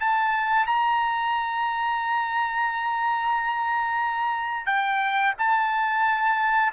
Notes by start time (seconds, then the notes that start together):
0.00 A5
0.67 A#5
4.66 G5
5.39 A5